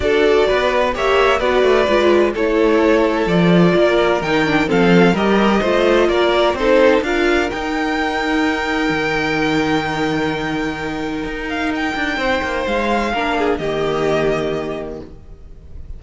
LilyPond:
<<
  \new Staff \with { instrumentName = "violin" } { \time 4/4 \tempo 4 = 128 d''2 e''4 d''4~ | d''4 cis''2 d''4~ | d''4 g''4 f''4 dis''4~ | dis''4 d''4 c''4 f''4 |
g''1~ | g''1~ | g''8 f''8 g''2 f''4~ | f''4 dis''2. | }
  \new Staff \with { instrumentName = "violin" } { \time 4/4 a'4 b'4 cis''4 b'4~ | b'4 a'2. | ais'2 a'4 ais'4 | c''4 ais'4 a'4 ais'4~ |
ais'1~ | ais'1~ | ais'2 c''2 | ais'8 gis'8 g'2. | }
  \new Staff \with { instrumentName = "viola" } { \time 4/4 fis'2 g'4 fis'4 | f'4 e'2 f'4~ | f'4 dis'8 d'8 c'4 g'4 | f'2 dis'4 f'4 |
dis'1~ | dis'1~ | dis'1 | d'4 ais2. | }
  \new Staff \with { instrumentName = "cello" } { \time 4/4 d'4 b4 ais4 b8 a8 | gis4 a2 f4 | ais4 dis4 f4 g4 | a4 ais4 c'4 d'4 |
dis'2. dis4~ | dis1 | dis'4. d'8 c'8 ais8 gis4 | ais4 dis2. | }
>>